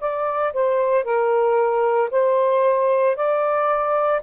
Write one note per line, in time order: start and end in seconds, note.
0.00 0.53 D5
0.53 1.04 C5
1.04 2.09 A#4
2.11 3.15 C5
3.15 4.21 D5